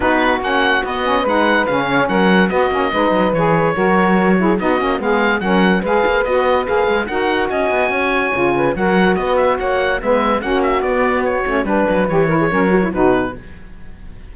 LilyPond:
<<
  \new Staff \with { instrumentName = "oboe" } { \time 4/4 \tempo 4 = 144 b'4 fis''4 dis''4 fis''4 | f''4 fis''4 dis''2 | cis''2. dis''4 | f''4 fis''4 f''4 dis''4 |
f''4 fis''4 gis''2~ | gis''4 fis''4 dis''8 e''8 fis''4 | e''4 fis''8 e''8 d''4 cis''4 | b'4 cis''2 b'4 | }
  \new Staff \with { instrumentName = "saxophone" } { \time 4/4 fis'2. b'4~ | b'8 cis''8 ais'4 fis'4 b'4~ | b'4 ais'4. gis'8 fis'4 | gis'4 ais'4 b'2~ |
b'4 ais'4 dis''4 cis''4~ | cis''8 b'8 ais'4 b'4 cis''4 | b'4 fis'2. | b'4. ais'16 gis'16 ais'4 fis'4 | }
  \new Staff \with { instrumentName = "saxophone" } { \time 4/4 dis'4 cis'4 b8 cis'8 dis'4 | cis'2 b8 cis'8 dis'4 | gis'4 fis'4. e'8 dis'8 cis'8 | b4 cis'4 gis'4 fis'4 |
gis'4 fis'2. | f'4 fis'2. | b4 cis'4 b4. cis'8 | d'4 g'8 e'8 cis'8 fis'16 e'16 dis'4 | }
  \new Staff \with { instrumentName = "cello" } { \time 4/4 b4 ais4 b4 gis4 | cis4 fis4 b8 ais8 gis8 fis8 | e4 fis2 b8 ais8 | gis4 fis4 gis8 ais8 b4 |
ais8 gis8 dis'4 cis'8 b8 cis'4 | cis4 fis4 b4 ais4 | gis4 ais4 b4. a8 | g8 fis8 e4 fis4 b,4 | }
>>